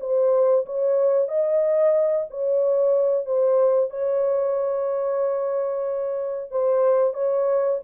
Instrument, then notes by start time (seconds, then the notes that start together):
horn
0.00 C5
0.66 C#5
1.28 D#5
2.30 C#5
3.26 C5
3.90 C#5
6.51 C5
7.14 C#5